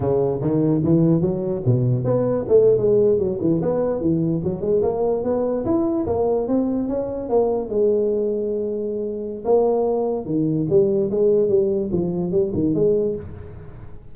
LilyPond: \new Staff \with { instrumentName = "tuba" } { \time 4/4 \tempo 4 = 146 cis4 dis4 e4 fis4 | b,4 b4 a8. gis4 fis16~ | fis16 e8 b4 e4 fis8 gis8 ais16~ | ais8. b4 e'4 ais4 c'16~ |
c'8. cis'4 ais4 gis4~ gis16~ | gis2. ais4~ | ais4 dis4 g4 gis4 | g4 f4 g8 dis8 gis4 | }